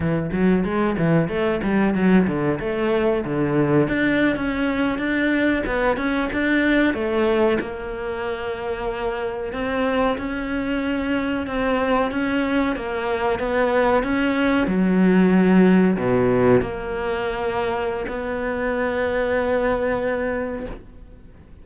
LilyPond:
\new Staff \with { instrumentName = "cello" } { \time 4/4 \tempo 4 = 93 e8 fis8 gis8 e8 a8 g8 fis8 d8 | a4 d4 d'8. cis'4 d'16~ | d'8. b8 cis'8 d'4 a4 ais16~ | ais2~ ais8. c'4 cis'16~ |
cis'4.~ cis'16 c'4 cis'4 ais16~ | ais8. b4 cis'4 fis4~ fis16~ | fis8. b,4 ais2~ ais16 | b1 | }